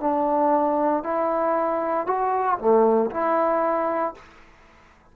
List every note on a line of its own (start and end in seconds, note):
0.00 1.03 D4
1.03 2.06 E4
2.06 2.58 F#4
2.59 3.10 A3
3.11 4.14 E4